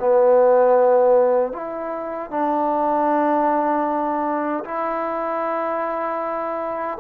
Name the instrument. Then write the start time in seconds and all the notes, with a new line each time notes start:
trombone
0.00 B3
1.53 E4
2.31 D4
4.65 E4